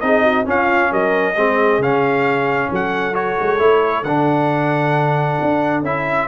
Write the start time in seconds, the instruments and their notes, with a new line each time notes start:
0.00 tuba C4, trombone D#4, horn G#4, trumpet D#5
0.23 horn F#4
0.45 trombone C#4, tuba C#4, horn F4, trumpet F5
0.91 tuba F#3, horn A#4, trumpet D#5
1.35 tuba G#3, trombone C4, horn G#4
1.78 tuba C#3, trombone C#4, trumpet F5
2.70 tuba F#3, horn A4, trumpet F#5
3.13 trombone F#4, trumpet C#5
3.40 tuba G#3
3.59 tuba A3, trombone E4
4.03 tuba D3, trombone D4, trumpet F#5
5.42 tuba D4
5.82 tuba C#4, trombone E4, trumpet E5